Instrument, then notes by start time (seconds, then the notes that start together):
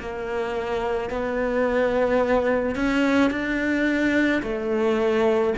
cello
0.00 A#3
1.10 B3
2.76 C#4
3.31 D4
4.43 A3